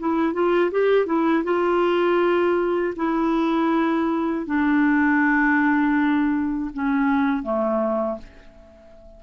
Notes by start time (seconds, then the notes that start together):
0.00 E4
0.34 F4
0.72 G4
1.07 E4
1.45 F4
2.97 E4
4.46 D4
6.74 C#4
7.44 A3